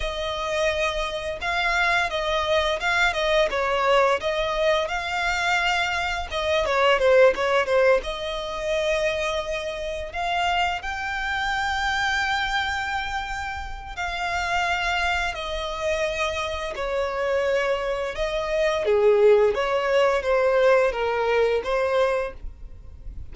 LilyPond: \new Staff \with { instrumentName = "violin" } { \time 4/4 \tempo 4 = 86 dis''2 f''4 dis''4 | f''8 dis''8 cis''4 dis''4 f''4~ | f''4 dis''8 cis''8 c''8 cis''8 c''8 dis''8~ | dis''2~ dis''8 f''4 g''8~ |
g''1 | f''2 dis''2 | cis''2 dis''4 gis'4 | cis''4 c''4 ais'4 c''4 | }